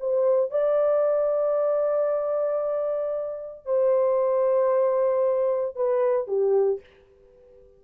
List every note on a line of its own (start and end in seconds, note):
0.00 0.51 C5
0.51 3.66 D5
3.66 5.76 C5
5.76 6.28 B4
6.28 6.80 G4